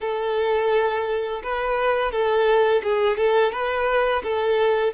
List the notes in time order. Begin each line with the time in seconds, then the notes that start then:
0.00 A4
1.43 B4
2.11 A4
2.83 G#4
3.17 A4
3.51 B4
4.23 A4